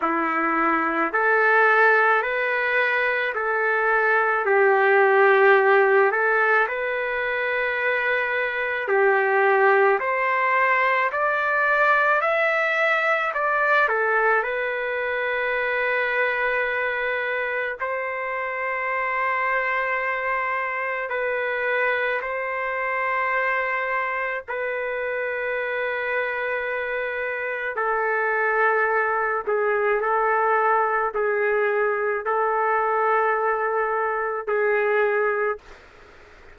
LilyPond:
\new Staff \with { instrumentName = "trumpet" } { \time 4/4 \tempo 4 = 54 e'4 a'4 b'4 a'4 | g'4. a'8 b'2 | g'4 c''4 d''4 e''4 | d''8 a'8 b'2. |
c''2. b'4 | c''2 b'2~ | b'4 a'4. gis'8 a'4 | gis'4 a'2 gis'4 | }